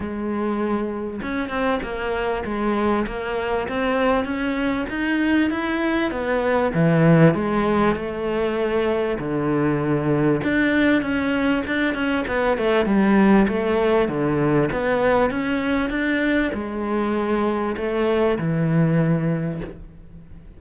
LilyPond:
\new Staff \with { instrumentName = "cello" } { \time 4/4 \tempo 4 = 98 gis2 cis'8 c'8 ais4 | gis4 ais4 c'4 cis'4 | dis'4 e'4 b4 e4 | gis4 a2 d4~ |
d4 d'4 cis'4 d'8 cis'8 | b8 a8 g4 a4 d4 | b4 cis'4 d'4 gis4~ | gis4 a4 e2 | }